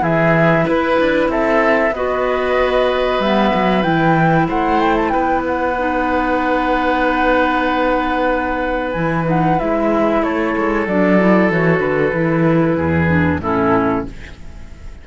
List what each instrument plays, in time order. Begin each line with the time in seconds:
0.00 cello E3, clarinet E4, oboe G#4, flute E5
0.66 cello E4, oboe B4, flute B4
0.99 cello D4
1.28 cello C4, oboe A4, flute E5
1.91 cello B3, clarinet F#4, oboe B4, flute D#5
3.19 cello G3, clarinet B3, flute E5
3.54 cello F#3
3.82 cello E3, clarinet E4, flute G5
4.48 cello A3, oboe C5, flute F#5
4.80 flute G5
4.97 flute A5
5.10 cello B3, oboe B4, flute G5
5.46 flute F#5
5.78 clarinet D#4
8.92 cello E3, clarinet E4, flute G#5
9.24 clarinet D#4, flute F#5
9.59 cello G#3, clarinet E4, flute E5
10.23 cello A3, oboe A4, flute C#5
10.57 cello G#3
10.87 cello F#3, clarinet D4, flute D5
11.20 clarinet E4
11.50 cello E3, clarinet F#4, flute C#5
11.80 cello D3, flute B4
12.13 cello E3, clarinet E4
12.77 cello E2, oboe G#4
13.07 clarinet D4
13.40 cello A2, clarinet C#4, oboe E4, flute A4